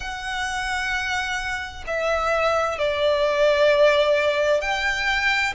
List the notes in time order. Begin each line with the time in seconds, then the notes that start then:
0.00 F#5
1.87 E5
2.78 D5
4.61 G5